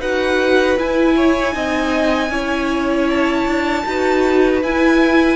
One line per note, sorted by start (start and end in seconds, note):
0.00 0.77 D#4
0.00 0.79 F#4
0.00 1.15 B4
0.00 0.78 F#5
0.79 1.52 E4
0.79 1.55 E4
0.79 3.10 G#5
1.16 1.55 C#5
1.52 2.30 C4
1.52 2.29 D#4
1.52 2.31 D#5
2.30 3.45 C#4
2.30 3.84 E4
2.30 3.85 C#5
3.10 4.63 A5
3.46 3.84 D4
3.86 4.62 D#4
3.86 4.63 F#4
3.86 5.36 B4
4.62 5.36 E4
4.62 5.36 G#5